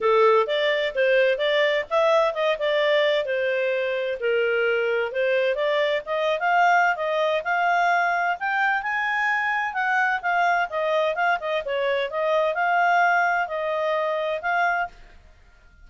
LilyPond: \new Staff \with { instrumentName = "clarinet" } { \time 4/4 \tempo 4 = 129 a'4 d''4 c''4 d''4 | e''4 dis''8 d''4. c''4~ | c''4 ais'2 c''4 | d''4 dis''8. f''4~ f''16 dis''4 |
f''2 g''4 gis''4~ | gis''4 fis''4 f''4 dis''4 | f''8 dis''8 cis''4 dis''4 f''4~ | f''4 dis''2 f''4 | }